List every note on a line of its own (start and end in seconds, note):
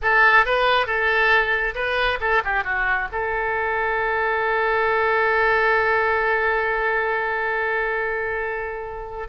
0.02 0.45 A4
0.45 0.86 B4
0.86 1.74 A4
1.74 2.18 B4
2.20 2.42 A4
2.44 2.64 G4
2.64 3.08 F#4
3.11 9.28 A4